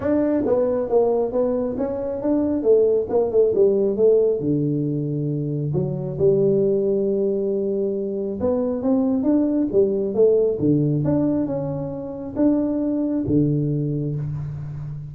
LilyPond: \new Staff \with { instrumentName = "tuba" } { \time 4/4 \tempo 4 = 136 d'4 b4 ais4 b4 | cis'4 d'4 a4 ais8 a8 | g4 a4 d2~ | d4 fis4 g2~ |
g2. b4 | c'4 d'4 g4 a4 | d4 d'4 cis'2 | d'2 d2 | }